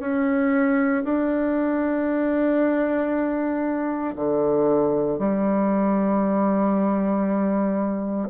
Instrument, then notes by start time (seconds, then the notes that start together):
bassoon
0.00 C#4
1.05 D4
4.16 D3
5.19 G3